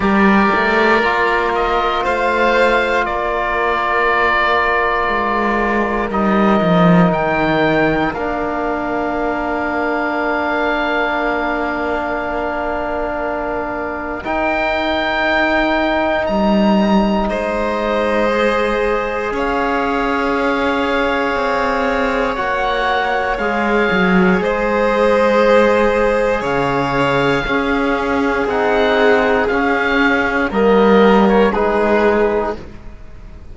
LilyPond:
<<
  \new Staff \with { instrumentName = "oboe" } { \time 4/4 \tempo 4 = 59 d''4. dis''8 f''4 d''4~ | d''2 dis''4 g''4 | f''1~ | f''2 g''2 |
ais''4 dis''2 f''4~ | f''2 fis''4 f''4 | dis''2 f''2 | fis''4 f''4 dis''8. cis''16 b'4 | }
  \new Staff \with { instrumentName = "violin" } { \time 4/4 ais'2 c''4 ais'4~ | ais'1~ | ais'1~ | ais'1~ |
ais'4 c''2 cis''4~ | cis''1 | c''2 cis''4 gis'4~ | gis'2 ais'4 gis'4 | }
  \new Staff \with { instrumentName = "trombone" } { \time 4/4 g'4 f'2.~ | f'2 dis'2 | d'1~ | d'2 dis'2~ |
dis'2 gis'2~ | gis'2 fis'4 gis'4~ | gis'2. cis'4 | dis'4 cis'4 ais4 dis'4 | }
  \new Staff \with { instrumentName = "cello" } { \time 4/4 g8 a8 ais4 a4 ais4~ | ais4 gis4 g8 f8 dis4 | ais1~ | ais2 dis'2 |
g4 gis2 cis'4~ | cis'4 c'4 ais4 gis8 fis8 | gis2 cis4 cis'4 | c'4 cis'4 g4 gis4 | }
>>